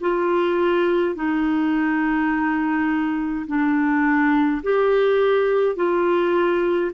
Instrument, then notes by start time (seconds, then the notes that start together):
clarinet
0.00 F4
1.15 D#4
3.47 D4
4.63 G4
5.75 F4